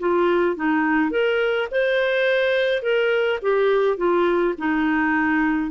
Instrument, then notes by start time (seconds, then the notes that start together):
clarinet
0.00 F4
0.57 D#4
1.11 A#4
1.72 C5
2.83 A#4
3.43 G4
3.98 F4
4.58 D#4